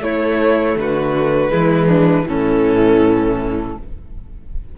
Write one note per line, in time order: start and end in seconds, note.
0.00 0.75 A3
0.00 1.49 A3
0.00 0.78 E4
0.00 0.78 C#5
0.76 1.51 D3
0.76 1.51 F#4
0.76 2.28 B4
1.49 2.27 E3
1.49 2.24 G#3
1.49 1.87 E4
1.87 2.24 D4
2.26 3.77 A2
2.26 3.76 E3
2.26 3.78 C#4
2.26 3.78 A4